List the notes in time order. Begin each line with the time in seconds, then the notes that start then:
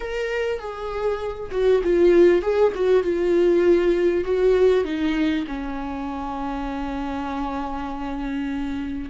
0.00 A#4
0.59 G#4
1.51 F#4
1.83 F4
2.42 G#4
2.74 F#4
3.03 F4
4.24 F#4
4.84 D#4
5.47 C#4